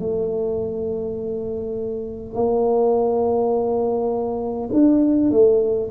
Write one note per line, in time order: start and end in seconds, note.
0.00 2.35 A3
2.35 4.70 A#3
4.73 5.31 D4
5.31 5.90 A3